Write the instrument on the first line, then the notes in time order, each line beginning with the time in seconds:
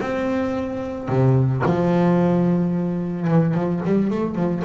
double bass
0.00 C4
1.08 C3
1.65 F3
3.27 E3
3.54 F3
3.85 G3
4.10 A3
4.35 F3